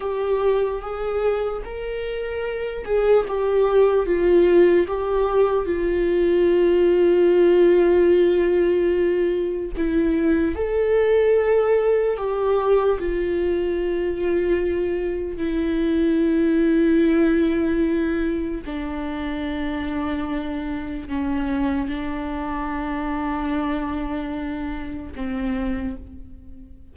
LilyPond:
\new Staff \with { instrumentName = "viola" } { \time 4/4 \tempo 4 = 74 g'4 gis'4 ais'4. gis'8 | g'4 f'4 g'4 f'4~ | f'1 | e'4 a'2 g'4 |
f'2. e'4~ | e'2. d'4~ | d'2 cis'4 d'4~ | d'2. c'4 | }